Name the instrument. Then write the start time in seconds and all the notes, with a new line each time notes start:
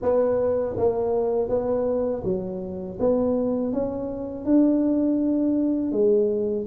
tuba
0.02 B3
0.77 A#3
1.48 B3
2.24 F#3
2.99 B3
3.72 C#4
4.45 D4
5.92 G#3